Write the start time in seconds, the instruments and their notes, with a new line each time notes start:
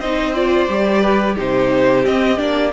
0.00 cello C4, viola D#4, violin C5 D#5
0.35 viola F4, violin D5
0.69 cello G3, viola G4
1.02 violin B4
1.36 cello C3, viola D#4, violin G4 C5
2.04 viola C4, cello C4, violin D#5
2.37 cello A#3, viola D4, violin D5